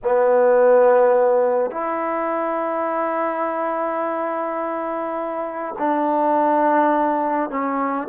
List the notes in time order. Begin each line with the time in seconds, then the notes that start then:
0.03 B3
1.70 E4
5.78 D4
7.50 C#4